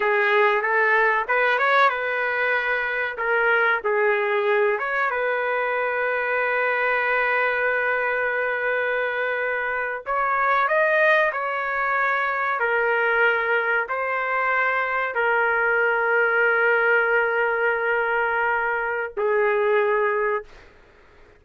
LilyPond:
\new Staff \with { instrumentName = "trumpet" } { \time 4/4 \tempo 4 = 94 gis'4 a'4 b'8 cis''8 b'4~ | b'4 ais'4 gis'4. cis''8 | b'1~ | b'2.~ b'8. cis''16~ |
cis''8. dis''4 cis''2 ais'16~ | ais'4.~ ais'16 c''2 ais'16~ | ais'1~ | ais'2 gis'2 | }